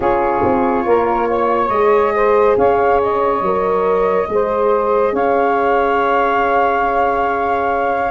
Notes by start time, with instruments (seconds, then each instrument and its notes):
0.00 tuba C#4, horn F4, saxophone G#4, flute C#5
0.43 tuba C4
0.85 tuba A#3, saxophone A#4
1.28 saxophone C#5
1.69 tuba G#3, horn G#4, flute D#5
2.14 saxophone C5
2.57 tuba C#4, saxophone C#5, flute F5
3.02 flute D#5
3.41 tuba F#3, horn A#4
4.27 tuba G#3, horn G#4, saxophone C5
5.12 tuba C#4, saxophone C#5, flute F5